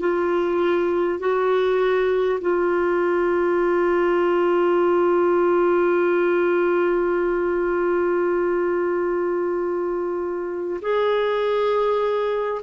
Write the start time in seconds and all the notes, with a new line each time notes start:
0.00 F4
1.19 F#4
2.41 F4
10.82 G#4